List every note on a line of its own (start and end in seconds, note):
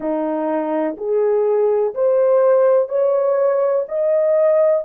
0.00 0.96 D#4
0.97 1.94 G#4
1.94 2.88 C5
2.88 3.85 C#5
3.88 4.84 D#5